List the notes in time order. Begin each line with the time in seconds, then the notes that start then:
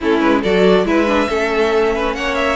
0.01 A3 C#4 E4 A4
0.19 G#3 B4
0.41 F#3 F#4 A4 D5
0.84 G#3 E4 B4 E5
1.06 D4
1.29 A3 C#4 A4
1.94 B4
2.14 A#3 C#5 F#5
2.35 E5